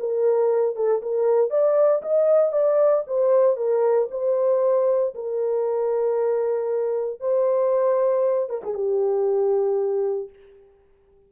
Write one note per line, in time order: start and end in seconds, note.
0.00 0.76 A#4
0.76 1.02 A4
1.02 1.50 A#4
1.50 2.02 D5
2.02 2.52 D#5
2.52 3.04 D5
3.07 3.57 C5
3.57 4.08 A#4
4.11 5.14 C5
5.15 7.20 A#4
7.20 8.50 C5
8.50 8.63 A#4
8.64 8.74 G#4
8.74 10.29 G4